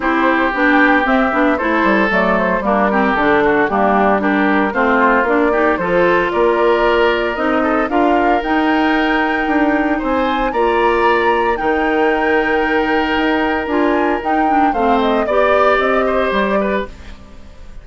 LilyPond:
<<
  \new Staff \with { instrumentName = "flute" } { \time 4/4 \tempo 4 = 114 c''4 g''4 e''4 c''4 | d''8 c''8 ais'4 a'4 g'4 | ais'4 c''4 d''4 c''4 | d''2 dis''4 f''4 |
g''2. gis''4 | ais''2 g''2~ | g''2 gis''4 g''4 | f''8 dis''8 d''4 dis''4 d''4 | }
  \new Staff \with { instrumentName = "oboe" } { \time 4/4 g'2. a'4~ | a'4 d'8 g'4 fis'8 d'4 | g'4 f'4. g'8 a'4 | ais'2~ ais'8 a'8 ais'4~ |
ais'2. c''4 | d''2 ais'2~ | ais'1 | c''4 d''4. c''4 b'8 | }
  \new Staff \with { instrumentName = "clarinet" } { \time 4/4 e'4 d'4 c'8 d'8 e'4 | a4 ais8 c'8 d'4 ais4 | d'4 c'4 d'8 dis'8 f'4~ | f'2 dis'4 f'4 |
dis'1 | f'2 dis'2~ | dis'2 f'4 dis'8 d'8 | c'4 g'2. | }
  \new Staff \with { instrumentName = "bassoon" } { \time 4/4 c'4 b4 c'8 b8 a8 g8 | fis4 g4 d4 g4~ | g4 a4 ais4 f4 | ais2 c'4 d'4 |
dis'2 d'4 c'4 | ais2 dis2~ | dis4 dis'4 d'4 dis'4 | a4 b4 c'4 g4 | }
>>